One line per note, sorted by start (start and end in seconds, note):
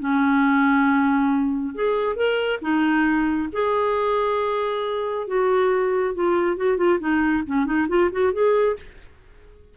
0.00 1.75 C#4
1.75 2.16 G#4
2.16 2.60 A#4
2.62 3.50 D#4
3.53 5.28 G#4
5.28 6.15 F#4
6.15 6.57 F4
6.57 6.77 F#4
6.77 6.99 F4
7.00 7.44 D#4
7.47 7.66 C#4
7.66 7.88 D#4
7.89 8.11 F4
8.12 8.33 F#4
8.33 8.77 G#4